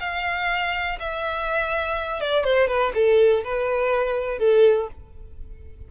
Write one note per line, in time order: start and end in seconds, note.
0.00 0.98 F5
1.00 2.20 E5
2.20 2.44 D5
2.44 2.68 C5
2.68 2.92 B4
2.94 3.44 A4
3.44 4.39 B4
4.39 4.88 A4